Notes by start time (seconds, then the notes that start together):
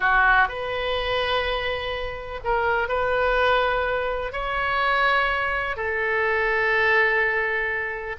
0.00 F#4
0.48 B4
2.43 A#4
2.88 B4
4.32 C#5
5.76 A4